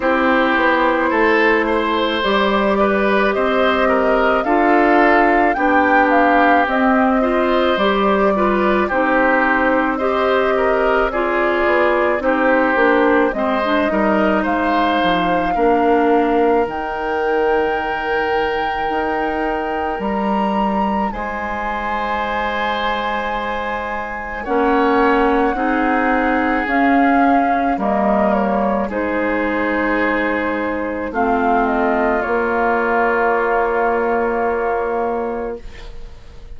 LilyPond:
<<
  \new Staff \with { instrumentName = "flute" } { \time 4/4 \tempo 4 = 54 c''2 d''4 dis''4 | f''4 g''8 f''8 dis''4 d''4 | c''4 dis''4 d''4 c''4 | dis''4 f''2 g''4~ |
g''2 ais''4 gis''4~ | gis''2 fis''2 | f''4 dis''8 cis''8 c''2 | f''8 dis''8 cis''2. | }
  \new Staff \with { instrumentName = "oboe" } { \time 4/4 g'4 a'8 c''4 b'8 c''8 ais'8 | a'4 g'4. c''4 b'8 | g'4 c''8 ais'8 gis'4 g'4 | c''8 ais'8 c''4 ais'2~ |
ais'2. c''4~ | c''2 cis''4 gis'4~ | gis'4 ais'4 gis'2 | f'1 | }
  \new Staff \with { instrumentName = "clarinet" } { \time 4/4 e'2 g'2 | f'4 d'4 c'8 f'8 g'8 f'8 | dis'4 g'4 f'4 dis'8 d'8 | c'16 d'16 dis'4. d'4 dis'4~ |
dis'1~ | dis'2 cis'4 dis'4 | cis'4 ais4 dis'2 | c'4 ais2. | }
  \new Staff \with { instrumentName = "bassoon" } { \time 4/4 c'8 b8 a4 g4 c'4 | d'4 b4 c'4 g4 | c'2~ c'8 b8 c'8 ais8 | gis8 g8 gis8 f8 ais4 dis4~ |
dis4 dis'4 g4 gis4~ | gis2 ais4 c'4 | cis'4 g4 gis2 | a4 ais2. | }
>>